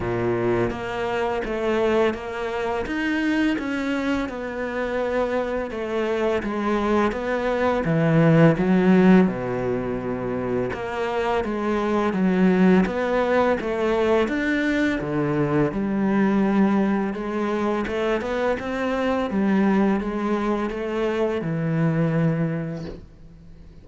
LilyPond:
\new Staff \with { instrumentName = "cello" } { \time 4/4 \tempo 4 = 84 ais,4 ais4 a4 ais4 | dis'4 cis'4 b2 | a4 gis4 b4 e4 | fis4 b,2 ais4 |
gis4 fis4 b4 a4 | d'4 d4 g2 | gis4 a8 b8 c'4 g4 | gis4 a4 e2 | }